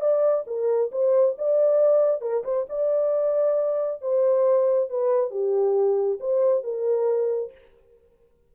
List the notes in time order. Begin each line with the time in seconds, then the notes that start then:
0.00 D5
0.46 A#4
0.91 C5
1.38 D5
2.21 A#4
2.44 C5
2.69 D5
4.01 C5
4.89 B4
5.30 G4
6.20 C5
6.63 A#4